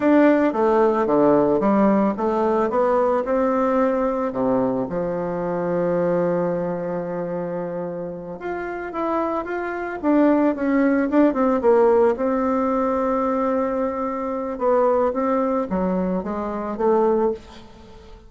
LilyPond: \new Staff \with { instrumentName = "bassoon" } { \time 4/4 \tempo 4 = 111 d'4 a4 d4 g4 | a4 b4 c'2 | c4 f2.~ | f2.~ f8 f'8~ |
f'8 e'4 f'4 d'4 cis'8~ | cis'8 d'8 c'8 ais4 c'4.~ | c'2. b4 | c'4 fis4 gis4 a4 | }